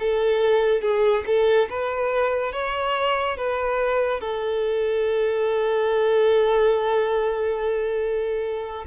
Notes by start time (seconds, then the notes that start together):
0.00 A4
0.82 G#4
1.27 A4
1.70 B4
2.53 C#5
3.38 B4
4.21 A4